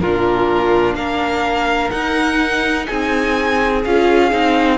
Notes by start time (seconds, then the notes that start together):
0.00 A#2 D4 F4 A#4
0.95 A#3 A#4 F5
1.90 D#4 F#5
2.87 C4 G#4 G#5
3.85 C#4 F4 F5
4.31 C4 D#4